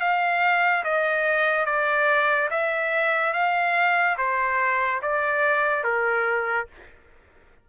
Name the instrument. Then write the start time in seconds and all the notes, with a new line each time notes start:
trumpet
0.00 F5
0.83 D#5
1.65 D5
2.50 E5
3.33 F5
4.17 C5
5.02 D5
5.83 A#4